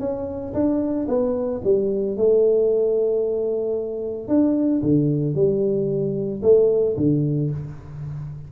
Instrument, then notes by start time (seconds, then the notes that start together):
tuba
0.00 C#4
0.54 D4
1.08 B3
1.64 G3
2.17 A3
4.29 D4
4.83 D3
5.35 G3
6.43 A3
6.97 D3